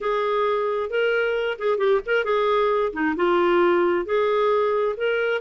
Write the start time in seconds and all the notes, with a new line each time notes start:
0.00 G#4
0.89 A#4
1.58 G#4
1.78 G4
2.05 A#4
2.24 G#4
2.92 D#4
3.16 F4
4.05 G#4
4.96 A#4